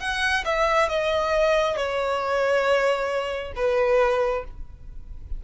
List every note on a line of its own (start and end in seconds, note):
0.00 0.44 F#5
0.45 0.89 E5
0.89 1.77 D#5
1.77 3.53 C#5
3.56 4.44 B4